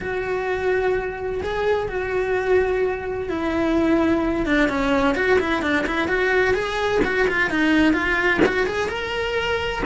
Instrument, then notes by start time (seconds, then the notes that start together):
cello
0.00 F#4
1.42 G#4
1.88 F#4
3.29 E4
4.46 D4
4.68 C#4
5.15 F#4
5.39 E4
5.61 D4
5.86 E4
6.07 F#4
6.54 G#4
7.04 F#4
7.28 F4
7.49 D#4
7.93 F4
8.45 F#4
8.66 G#4
8.88 A#4